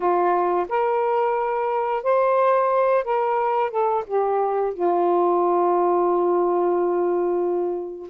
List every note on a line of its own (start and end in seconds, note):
0.00 0.66 F4
0.68 2.03 A#4
2.03 3.04 C5
3.04 3.70 A#4
3.70 4.04 A4
4.06 4.73 G4
4.73 8.09 F4